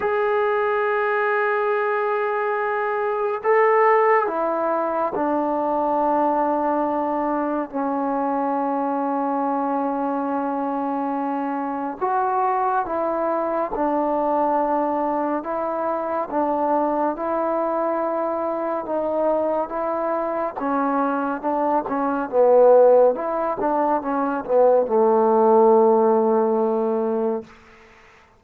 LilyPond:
\new Staff \with { instrumentName = "trombone" } { \time 4/4 \tempo 4 = 70 gis'1 | a'4 e'4 d'2~ | d'4 cis'2.~ | cis'2 fis'4 e'4 |
d'2 e'4 d'4 | e'2 dis'4 e'4 | cis'4 d'8 cis'8 b4 e'8 d'8 | cis'8 b8 a2. | }